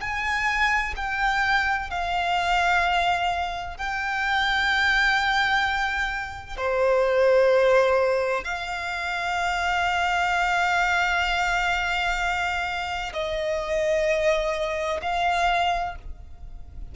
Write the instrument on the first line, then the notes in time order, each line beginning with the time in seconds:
violin
0.00 G#5
0.96 G5
1.90 F5
3.77 G5
6.57 C5
8.44 F5
13.12 D#5
15.01 F5